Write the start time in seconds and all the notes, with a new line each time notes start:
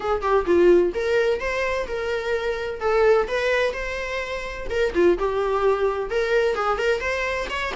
0.00 G#4
0.21 G4
0.46 F4
0.94 A#4
1.39 C5
1.87 A#4
2.80 A4
3.27 B4
3.73 C5
4.70 A#4
4.94 F4
5.18 G4
6.10 A#4
6.55 G#4
6.78 A#4
7.00 C5
7.49 C#5